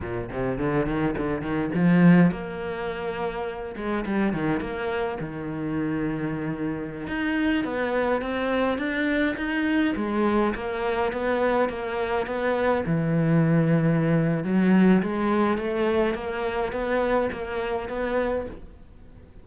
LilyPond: \new Staff \with { instrumentName = "cello" } { \time 4/4 \tempo 4 = 104 ais,8 c8 d8 dis8 d8 dis8 f4 | ais2~ ais8 gis8 g8 dis8 | ais4 dis2.~ | dis16 dis'4 b4 c'4 d'8.~ |
d'16 dis'4 gis4 ais4 b8.~ | b16 ais4 b4 e4.~ e16~ | e4 fis4 gis4 a4 | ais4 b4 ais4 b4 | }